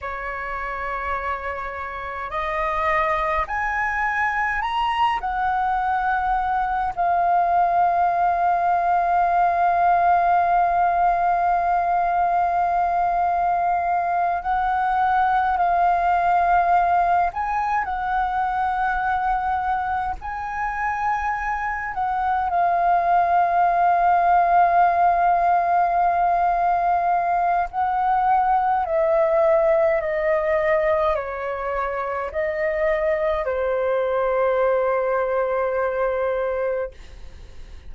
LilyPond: \new Staff \with { instrumentName = "flute" } { \time 4/4 \tempo 4 = 52 cis''2 dis''4 gis''4 | ais''8 fis''4. f''2~ | f''1~ | f''8 fis''4 f''4. gis''8 fis''8~ |
fis''4. gis''4. fis''8 f''8~ | f''1 | fis''4 e''4 dis''4 cis''4 | dis''4 c''2. | }